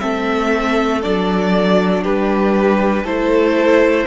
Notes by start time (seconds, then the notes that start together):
0.00 A3 C4 A4 E5
1.03 F#3 D4 D5
2.03 G3 G4 B4
3.04 A3 E4 A4 C5